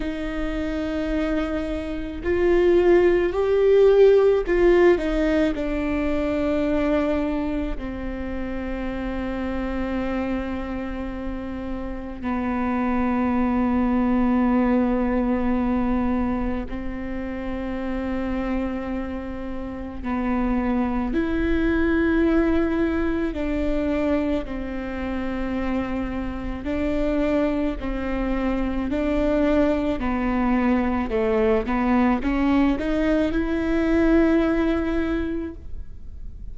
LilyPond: \new Staff \with { instrumentName = "viola" } { \time 4/4 \tempo 4 = 54 dis'2 f'4 g'4 | f'8 dis'8 d'2 c'4~ | c'2. b4~ | b2. c'4~ |
c'2 b4 e'4~ | e'4 d'4 c'2 | d'4 c'4 d'4 b4 | a8 b8 cis'8 dis'8 e'2 | }